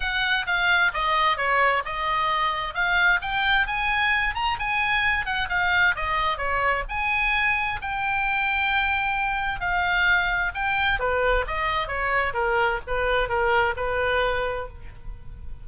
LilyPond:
\new Staff \with { instrumentName = "oboe" } { \time 4/4 \tempo 4 = 131 fis''4 f''4 dis''4 cis''4 | dis''2 f''4 g''4 | gis''4. ais''8 gis''4. fis''8 | f''4 dis''4 cis''4 gis''4~ |
gis''4 g''2.~ | g''4 f''2 g''4 | b'4 dis''4 cis''4 ais'4 | b'4 ais'4 b'2 | }